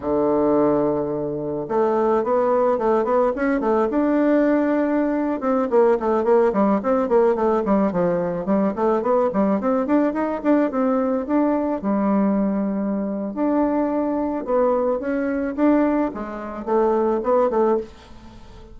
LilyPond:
\new Staff \with { instrumentName = "bassoon" } { \time 4/4 \tempo 4 = 108 d2. a4 | b4 a8 b8 cis'8 a8 d'4~ | d'4.~ d'16 c'8 ais8 a8 ais8 g16~ | g16 c'8 ais8 a8 g8 f4 g8 a16~ |
a16 b8 g8 c'8 d'8 dis'8 d'8 c'8.~ | c'16 d'4 g2~ g8. | d'2 b4 cis'4 | d'4 gis4 a4 b8 a8 | }